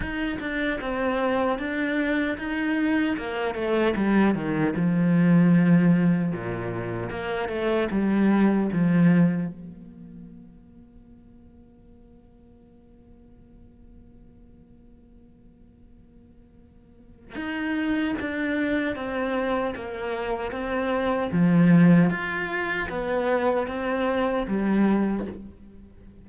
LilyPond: \new Staff \with { instrumentName = "cello" } { \time 4/4 \tempo 4 = 76 dis'8 d'8 c'4 d'4 dis'4 | ais8 a8 g8 dis8 f2 | ais,4 ais8 a8 g4 f4 | ais1~ |
ais1~ | ais2 dis'4 d'4 | c'4 ais4 c'4 f4 | f'4 b4 c'4 g4 | }